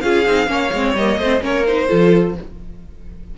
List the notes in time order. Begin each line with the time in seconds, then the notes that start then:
0.00 C#4 F4 G#4 F5
0.26 C4 D#4
0.47 A#3 C#4 C#5
0.73 G#3 C4
0.94 G3 A#3 D#5
1.18 A3 C4 C5
1.40 A#3 C#4 A#4 C#5
1.66 D#4 C5
1.88 F3 F4 A4